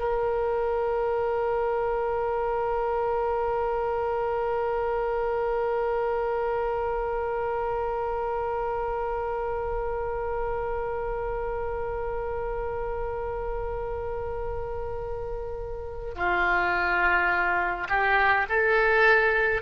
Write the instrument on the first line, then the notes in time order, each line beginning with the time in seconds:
oboe
0.00 A#4
16.15 F4
17.90 G4
18.50 A4